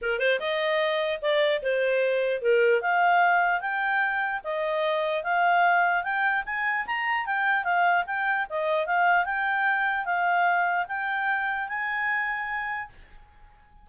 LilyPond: \new Staff \with { instrumentName = "clarinet" } { \time 4/4 \tempo 4 = 149 ais'8 c''8 dis''2 d''4 | c''2 ais'4 f''4~ | f''4 g''2 dis''4~ | dis''4 f''2 g''4 |
gis''4 ais''4 g''4 f''4 | g''4 dis''4 f''4 g''4~ | g''4 f''2 g''4~ | g''4 gis''2. | }